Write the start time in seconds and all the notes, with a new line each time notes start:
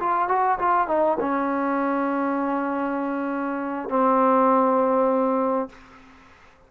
0.00 F4
0.29 F#4
0.59 F4
0.88 D#4
1.20 C#4
3.89 C4